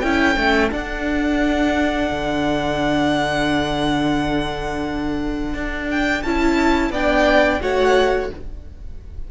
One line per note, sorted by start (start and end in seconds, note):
0.00 0.36 C#4
0.00 0.37 E4
0.00 6.90 A4
0.00 0.69 G5
0.36 0.71 A3
0.36 0.70 C#4
0.70 6.22 D4
0.70 2.10 D4
0.70 5.90 F#5
2.11 5.54 D3
5.54 6.23 D4
5.90 6.23 G5
6.23 6.90 C#4
6.23 6.94 E4
6.23 6.92 A5
6.90 7.59 B3
6.90 7.61 D4
6.90 7.60 D5
6.90 7.62 G5
7.61 8.30 A3
7.61 8.30 F#4
7.61 8.31 C#5
7.61 8.31 F#5